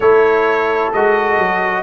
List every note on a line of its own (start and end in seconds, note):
0.00 0.91 A3
0.00 0.93 E4
0.00 1.82 A4
0.00 0.92 C#5
0.92 1.38 G#3
0.92 1.82 F#4
0.92 1.82 D#5
1.38 1.82 F#3